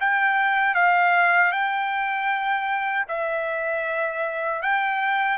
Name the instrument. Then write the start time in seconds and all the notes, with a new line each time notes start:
trumpet
0.00 G5
0.74 F5
1.51 G5
3.08 E5
4.62 G5